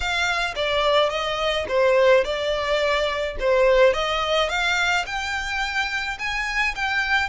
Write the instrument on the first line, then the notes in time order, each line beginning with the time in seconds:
violin
0.00 F5
0.55 D5
1.09 D#5
1.68 C5
2.24 D5
3.39 C5
3.93 D#5
4.49 F5
5.06 G5
6.18 G#5
6.75 G5